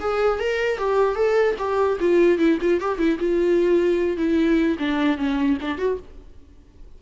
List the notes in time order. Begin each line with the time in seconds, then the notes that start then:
0.00 G#4
0.39 A#4
0.78 G4
1.15 A4
1.58 G4
2.00 F4
2.39 E4
2.61 F4
2.80 G4
2.99 E4
3.19 F4
4.17 E4
4.79 D4
5.17 C#4
5.61 D4
5.78 F#4